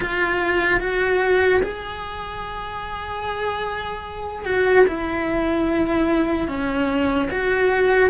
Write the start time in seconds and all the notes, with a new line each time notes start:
0.00 F4
0.80 F#4
1.62 G#4
4.45 F#4
4.87 E4
6.48 C#4
7.30 F#4